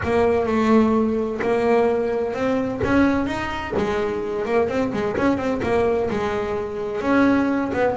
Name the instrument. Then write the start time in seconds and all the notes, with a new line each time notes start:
double bass
0.03 A#3
0.46 A3
1.41 A#3
2.34 C4
2.84 C#4
3.26 D#4
3.77 G#3
4.45 A#3
4.68 C4
4.92 G#3
5.16 C#4
5.37 C4
5.62 A#3
6.10 G#3
7.01 C#4
7.73 B3